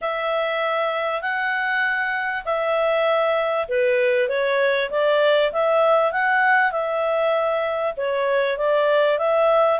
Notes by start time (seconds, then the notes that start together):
0.01 E5
1.21 F#5
2.44 E5
3.68 B4
4.29 C#5
4.90 D5
5.52 E5
6.11 F#5
6.71 E5
7.96 C#5
8.57 D5
9.18 E5